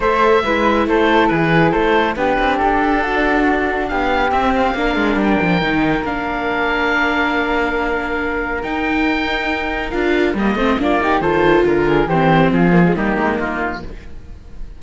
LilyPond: <<
  \new Staff \with { instrumentName = "oboe" } { \time 4/4 \tempo 4 = 139 e''2 c''4 b'4 | c''4 b'4 a'2~ | a'4 f''4 e''8 f''4. | g''2 f''2~ |
f''1 | g''2. f''4 | dis''4 d''4 c''4 ais'4 | c''4 gis'4 g'4 f'4 | }
  \new Staff \with { instrumentName = "flute" } { \time 4/4 c''4 b'4 a'4 gis'4 | a'4 g'2 fis'4~ | fis'4 g'2 ais'4~ | ais'1~ |
ais'1~ | ais'1~ | ais'8 c''8 f'8 g'8 a'4 ais'8 gis'8 | g'4 f'4 dis'2 | }
  \new Staff \with { instrumentName = "viola" } { \time 4/4 a'4 e'2.~ | e'4 d'2.~ | d'2 c'4 d'4~ | d'4 dis'4 d'2~ |
d'1 | dis'2. f'4 | ais8 c'8 d'8 dis'8 f'2 | c'4. ais16 gis16 ais2 | }
  \new Staff \with { instrumentName = "cello" } { \time 4/4 a4 gis4 a4 e4 | a4 b8 c'8 d'2~ | d'4 b4 c'4 ais8 gis8 | g8 f8 dis4 ais2~ |
ais1 | dis'2. d'4 | g8 a8 ais4 dis4 d4 | e4 f4 g8 gis8 ais4 | }
>>